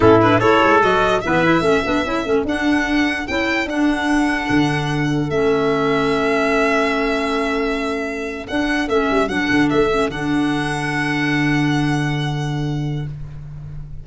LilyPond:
<<
  \new Staff \with { instrumentName = "violin" } { \time 4/4 \tempo 4 = 147 a'8 b'8 cis''4 dis''4 e''4~ | e''2 fis''2 | g''4 fis''2.~ | fis''4 e''2.~ |
e''1~ | e''8. fis''4 e''4 fis''4 e''16~ | e''8. fis''2.~ fis''16~ | fis''1 | }
  \new Staff \with { instrumentName = "trumpet" } { \time 4/4 e'4 a'2 b'4 | a'1~ | a'1~ | a'1~ |
a'1~ | a'1~ | a'1~ | a'1 | }
  \new Staff \with { instrumentName = "clarinet" } { \time 4/4 cis'8 d'8 e'4 fis'4 b8 e'8 | cis'8 d'8 e'8 cis'8 d'2 | e'4 d'2.~ | d'4 cis'2.~ |
cis'1~ | cis'8. d'4 cis'4 d'4~ d'16~ | d'16 cis'8 d'2.~ d'16~ | d'1 | }
  \new Staff \with { instrumentName = "tuba" } { \time 4/4 a,4 a8 gis8 fis4 e4 | a8 b8 cis'8 a8 d'2 | cis'4 d'2 d4~ | d4 a2.~ |
a1~ | a8. d'4 a8 g8 fis8 d8 a16~ | a8. d2.~ d16~ | d1 | }
>>